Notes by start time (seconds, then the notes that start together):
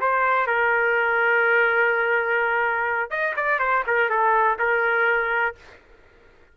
0.00 C5
0.46 A#4
3.10 D#5
3.36 D5
3.59 C5
3.87 A#4
4.09 A4
4.58 A#4